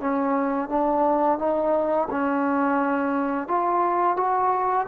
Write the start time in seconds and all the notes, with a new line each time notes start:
0.00 C#4
0.68 D4
1.38 D#4
2.10 C#4
3.47 F4
4.16 F#4